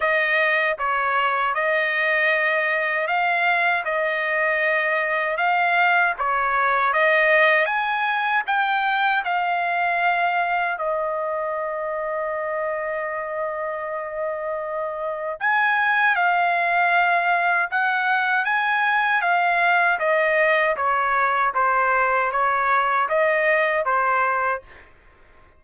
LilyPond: \new Staff \with { instrumentName = "trumpet" } { \time 4/4 \tempo 4 = 78 dis''4 cis''4 dis''2 | f''4 dis''2 f''4 | cis''4 dis''4 gis''4 g''4 | f''2 dis''2~ |
dis''1 | gis''4 f''2 fis''4 | gis''4 f''4 dis''4 cis''4 | c''4 cis''4 dis''4 c''4 | }